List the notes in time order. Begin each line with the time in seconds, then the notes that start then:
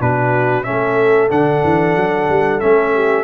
0.00 B2 D4 F#4 B4
0.63 C#4 A4 E5
0.70 A3
1.30 D3 D4 F#5
1.63 E3
1.96 F#3
2.29 G3
2.60 A3 C#4 E5
2.94 G4